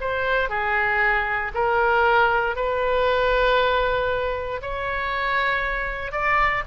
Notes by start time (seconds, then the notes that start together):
0.00 C5
0.49 G#4
1.54 A#4
2.55 B4
4.62 C#5
6.11 D5